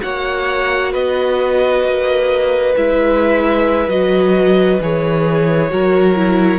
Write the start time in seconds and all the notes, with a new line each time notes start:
0.00 A#3 F#4 C#5 F#5
0.92 B3 B4 D#5
1.83 A#3
2.76 G#3 E4 E5
3.88 F#3 F#4 D#5
4.81 E3 G#4 C#5
5.70 F#3 F#4 A#4
6.16 E4